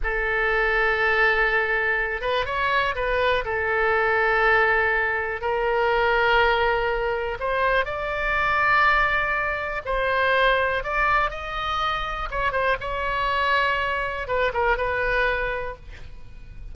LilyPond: \new Staff \with { instrumentName = "oboe" } { \time 4/4 \tempo 4 = 122 a'1~ | a'8 b'8 cis''4 b'4 a'4~ | a'2. ais'4~ | ais'2. c''4 |
d''1 | c''2 d''4 dis''4~ | dis''4 cis''8 c''8 cis''2~ | cis''4 b'8 ais'8 b'2 | }